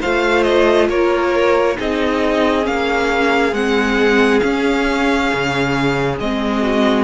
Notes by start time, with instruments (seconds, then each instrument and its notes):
0.00 cello A3, viola F4, violin C5 F5
0.43 violin D#5
0.89 cello A#3, violin A#4 C#5
1.76 cello C4, viola D#4, violin G#4 D#5
2.62 cello A#3, viola C#4, violin F5
3.52 cello G#3, viola C4, violin F#5
4.39 viola C#4, cello C#4, violin F5
5.33 cello C#3
6.19 cello G#3, viola C4, violin D#5
6.61 violin F#4